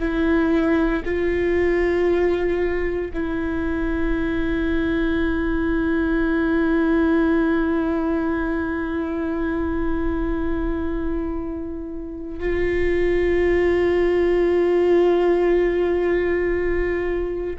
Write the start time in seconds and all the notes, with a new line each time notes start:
0.00 E4
1.05 F4
3.14 E4
12.40 F4